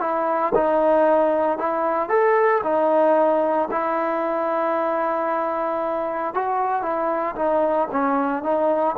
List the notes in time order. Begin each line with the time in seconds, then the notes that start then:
0.00 E4
0.54 D#4
1.58 E4
2.09 A4
2.63 D#4
3.71 E4
6.34 F#4
6.82 E4
7.35 D#4
7.91 C#4
8.43 D#4